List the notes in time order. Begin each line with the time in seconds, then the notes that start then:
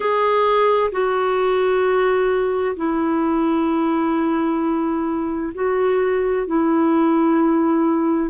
0.00 G#4
0.91 F#4
2.76 E4
5.54 F#4
6.46 E4